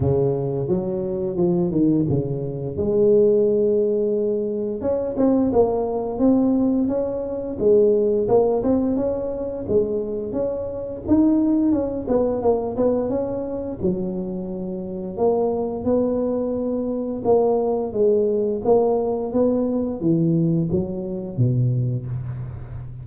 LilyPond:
\new Staff \with { instrumentName = "tuba" } { \time 4/4 \tempo 4 = 87 cis4 fis4 f8 dis8 cis4 | gis2. cis'8 c'8 | ais4 c'4 cis'4 gis4 | ais8 c'8 cis'4 gis4 cis'4 |
dis'4 cis'8 b8 ais8 b8 cis'4 | fis2 ais4 b4~ | b4 ais4 gis4 ais4 | b4 e4 fis4 b,4 | }